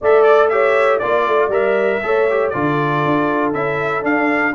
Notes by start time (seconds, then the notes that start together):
0.01 A3 A4 D5 E5
0.22 D5
0.48 G4 C#5 E5
0.98 A#3 F4 D5
1.27 A3
1.48 G3 A#4 E5
2.02 A3 A4 C#5
2.30 G4
2.49 D3 F4 A4 D5
3.05 D4
3.53 C#4 E4 E5
4.02 D4 F5